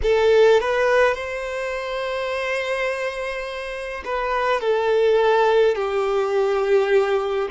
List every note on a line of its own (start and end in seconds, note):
0.02 0.60 A4
0.60 1.14 B4
1.14 4.03 C5
4.04 4.60 B4
4.60 5.75 A4
5.75 7.48 G4